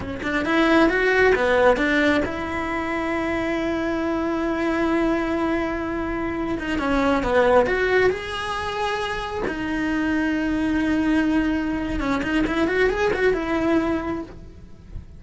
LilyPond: \new Staff \with { instrumentName = "cello" } { \time 4/4 \tempo 4 = 135 cis'8 d'8 e'4 fis'4 b4 | d'4 e'2.~ | e'1~ | e'2~ e'8. dis'8 cis'8.~ |
cis'16 b4 fis'4 gis'4.~ gis'16~ | gis'4~ gis'16 dis'2~ dis'8.~ | dis'2. cis'8 dis'8 | e'8 fis'8 gis'8 fis'8 e'2 | }